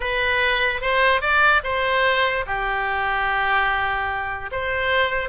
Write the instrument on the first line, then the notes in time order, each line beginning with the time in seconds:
oboe
0.00 B4
0.81 C5
1.21 D5
1.63 C5
2.46 G4
4.51 C5